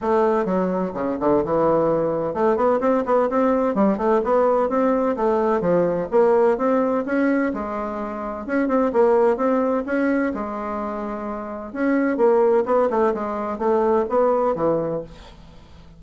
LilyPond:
\new Staff \with { instrumentName = "bassoon" } { \time 4/4 \tempo 4 = 128 a4 fis4 cis8 d8 e4~ | e4 a8 b8 c'8 b8 c'4 | g8 a8 b4 c'4 a4 | f4 ais4 c'4 cis'4 |
gis2 cis'8 c'8 ais4 | c'4 cis'4 gis2~ | gis4 cis'4 ais4 b8 a8 | gis4 a4 b4 e4 | }